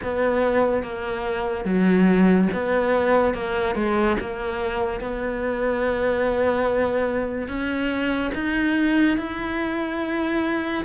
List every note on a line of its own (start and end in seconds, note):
0.03 0.82 B3
0.82 1.64 A#3
1.64 2.48 F#3
2.53 3.33 B3
3.33 3.75 A#3
3.75 4.17 G#3
4.20 5.00 A#3
5.00 7.48 B3
7.48 8.31 C#4
8.34 9.17 D#4
9.17 10.84 E4